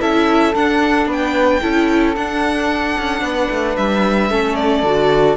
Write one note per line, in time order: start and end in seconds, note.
0.00 0.55 C#4
0.00 0.54 E4
0.00 1.07 A4
0.00 0.55 E5
0.55 1.06 D4
0.55 1.62 D4
0.55 1.09 F#5
1.06 1.60 B3
1.06 1.61 B4
1.12 2.16 G5
1.62 2.16 C#4
1.62 2.15 E4
1.62 3.23 A4
2.16 4.30 D4
2.16 2.97 D4
2.16 3.77 F#5
2.98 3.22 C#4
3.22 3.49 B3
3.22 4.31 B4
3.51 3.77 A3
3.77 4.30 G3
3.77 4.56 E5
4.30 4.83 A3
4.30 4.84 C#4
4.30 5.37 A4
4.56 5.36 D5
4.83 5.36 D3
4.83 5.37 F#4